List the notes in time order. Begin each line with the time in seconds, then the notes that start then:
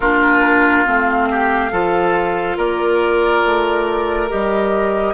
0.00 A#3 D4 F4 A#4
0.85 A3 C4 F5
1.30 G4
1.71 F3 F4 A4
2.57 A#3 A#4 D5
3.45 A3
4.29 G3 G4 D#5